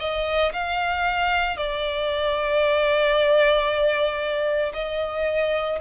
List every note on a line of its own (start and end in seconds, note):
0.00 0.53 D#5
0.53 1.57 F5
1.57 4.73 D5
4.74 5.79 D#5